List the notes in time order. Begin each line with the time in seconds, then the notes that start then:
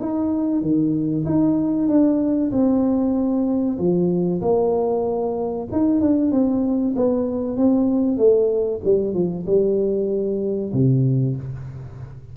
0.00 D#4
0.62 D#3
1.26 D#4
1.88 D4
2.52 C4
3.78 F3
4.42 A#3
5.72 D#4
6.01 D4
6.32 C4
6.96 B3
7.58 C4
8.18 A3
8.84 G3
9.14 F3
9.47 G3
10.74 C3